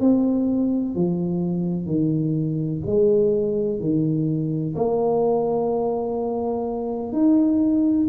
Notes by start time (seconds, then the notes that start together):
0.00 C4
0.95 F3
1.86 D#3
2.86 G#3
3.80 D#3
4.76 A#3
7.12 D#4